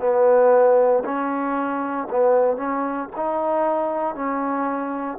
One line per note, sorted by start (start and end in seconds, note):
0.00 1.03 B3
1.05 2.08 C#4
2.11 2.57 B3
2.57 3.09 C#4
3.16 4.15 D#4
4.15 5.19 C#4